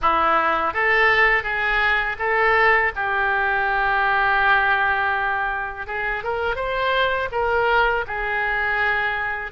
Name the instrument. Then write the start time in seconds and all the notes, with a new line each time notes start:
oboe
0.01 E4
0.73 A4
1.43 G#4
2.19 A4
2.95 G4
5.87 G#4
6.23 A#4
6.55 C5
7.31 A#4
8.07 G#4